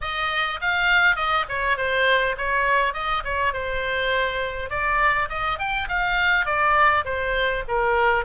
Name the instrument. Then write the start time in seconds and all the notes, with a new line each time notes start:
oboe
0.01 D#5
0.61 F5
1.16 D#5
1.49 C#5
1.77 C5
2.37 C#5
2.93 D#5
3.24 C#5
3.53 C5
4.70 D5
5.29 D#5
5.58 G5
5.88 F5
6.45 D5
7.04 C5
7.67 A#4